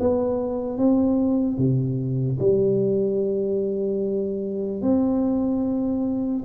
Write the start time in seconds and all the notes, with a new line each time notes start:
0.00 B3
0.78 C4
1.58 C3
2.40 G3
4.82 C4